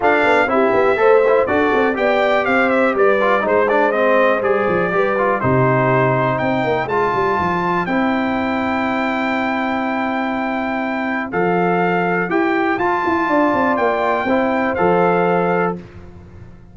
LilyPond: <<
  \new Staff \with { instrumentName = "trumpet" } { \time 4/4 \tempo 4 = 122 f''4 e''2 d''4 | g''4 f''8 e''8 d''4 c''8 d''8 | dis''4 d''2 c''4~ | c''4 g''4 a''2 |
g''1~ | g''2. f''4~ | f''4 g''4 a''2 | g''2 f''2 | }
  \new Staff \with { instrumentName = "horn" } { \time 4/4 a'4 g'4 c''4 a'4 | d''4 c''4 b'4 c''4~ | c''2 b'4 g'4~ | g'4 c''2.~ |
c''1~ | c''1~ | c''2. d''4~ | d''4 c''2. | }
  \new Staff \with { instrumentName = "trombone" } { \time 4/4 d'4 e'4 a'8 e'8 fis'4 | g'2~ g'8 f'8 dis'8 d'8 | c'4 gis'4 g'8 f'8 dis'4~ | dis'2 f'2 |
e'1~ | e'2. a'4~ | a'4 g'4 f'2~ | f'4 e'4 a'2 | }
  \new Staff \with { instrumentName = "tuba" } { \time 4/4 f'8 b8 c'8 b8 a4 d'8 c'8 | b4 c'4 g4 gis4~ | gis4 g8 f8 g4 c4~ | c4 c'8 ais8 gis8 g8 f4 |
c'1~ | c'2. f4~ | f4 e'4 f'8 e'8 d'8 c'8 | ais4 c'4 f2 | }
>>